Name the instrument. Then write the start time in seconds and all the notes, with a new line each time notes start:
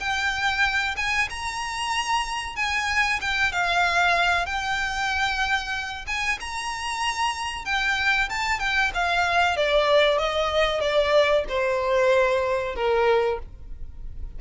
violin
0.00 G5
0.97 G#5
1.30 A#5
2.56 G#5
3.21 G5
3.53 F5
4.46 G5
6.07 G#5
6.41 A#5
7.66 G5
8.30 A5
8.60 G5
8.94 F5
9.57 D5
10.18 D#5
10.81 D5
11.49 C5
12.76 A#4